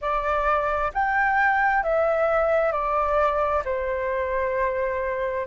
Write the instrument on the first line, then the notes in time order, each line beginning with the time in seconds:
flute
0.01 D5
0.93 G5
1.83 E5
2.72 D5
3.64 C5